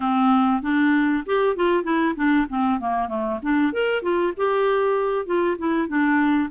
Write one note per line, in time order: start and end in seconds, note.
0.00 0.62 C4
0.62 1.23 D4
1.26 1.55 G4
1.55 1.83 F4
1.83 2.14 E4
2.16 2.47 D4
2.49 2.79 C4
2.79 3.08 A#3
3.08 3.39 A3
3.42 3.72 D4
3.72 4.02 A#4
4.02 4.33 F4
4.36 5.26 G4
5.26 5.57 F4
5.58 5.88 E4
5.88 6.49 D4